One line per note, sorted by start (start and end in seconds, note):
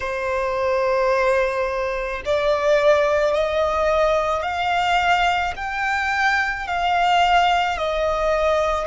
0.00 2.22 C5
2.25 3.33 D5
3.33 4.42 D#5
4.42 5.53 F5
5.56 6.67 G5
6.67 7.77 F5
7.77 8.87 D#5